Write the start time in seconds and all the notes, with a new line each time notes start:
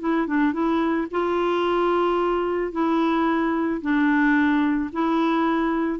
0.00 E4
0.27 D4
0.53 E4
1.11 F4
2.72 E4
3.81 D4
4.93 E4